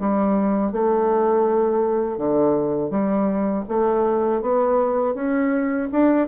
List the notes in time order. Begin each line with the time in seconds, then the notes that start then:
0.00 G3
0.72 A3
2.18 D3
2.91 G3
3.68 A3
4.42 B3
5.15 C#4
5.92 D4